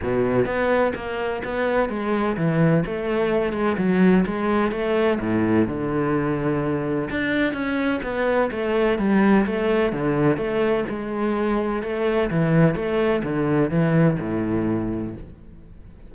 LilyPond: \new Staff \with { instrumentName = "cello" } { \time 4/4 \tempo 4 = 127 b,4 b4 ais4 b4 | gis4 e4 a4. gis8 | fis4 gis4 a4 a,4 | d2. d'4 |
cis'4 b4 a4 g4 | a4 d4 a4 gis4~ | gis4 a4 e4 a4 | d4 e4 a,2 | }